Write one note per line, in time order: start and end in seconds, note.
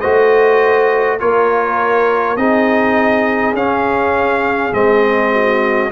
0.00 1.21 A3
0.00 1.19 F#4
0.00 1.18 C5
0.00 1.18 D#5
1.19 2.36 A#3
1.19 2.37 F4
1.19 2.37 A#4
1.19 2.37 C#5
2.36 3.53 C4
2.36 3.56 D#4
2.36 5.32 G#4
2.36 3.54 D#5
3.53 4.71 C#4
3.53 4.73 C#4
3.53 4.73 F5
4.73 5.90 G#3
4.73 5.90 C4
4.73 5.91 D#5
5.32 5.91 F#4